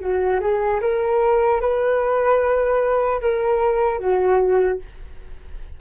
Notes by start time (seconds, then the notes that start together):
0.00 F#4
0.40 G#4
0.81 A#4
1.61 B4
3.21 A#4
3.99 F#4